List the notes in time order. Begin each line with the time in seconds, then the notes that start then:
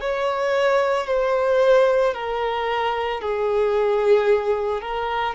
0.00 C#5
1.07 C5
2.14 A#4
3.21 G#4
4.82 A#4